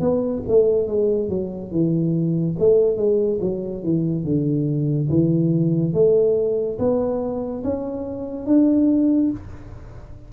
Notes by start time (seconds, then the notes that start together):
0.00 B3
0.48 A3
0.87 G#3
1.29 F#3
1.71 E3
2.59 A3
2.97 G#3
3.41 F#3
3.83 E3
4.24 D3
5.09 E3
5.93 A3
6.78 B3
7.64 C#4
8.46 D4